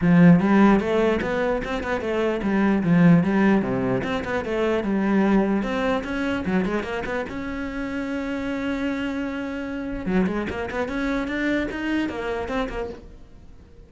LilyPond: \new Staff \with { instrumentName = "cello" } { \time 4/4 \tempo 4 = 149 f4 g4 a4 b4 | c'8 b8 a4 g4 f4 | g4 c4 c'8 b8 a4 | g2 c'4 cis'4 |
fis8 gis8 ais8 b8 cis'2~ | cis'1~ | cis'4 fis8 gis8 ais8 b8 cis'4 | d'4 dis'4 ais4 c'8 ais8 | }